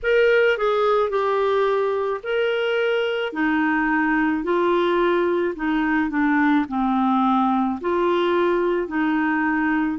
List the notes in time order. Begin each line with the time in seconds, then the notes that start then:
0.03 A#4
0.57 G#4
1.09 G4
2.23 A#4
3.32 D#4
4.43 F4
5.55 D#4
6.10 D4
6.68 C4
7.80 F4
8.87 D#4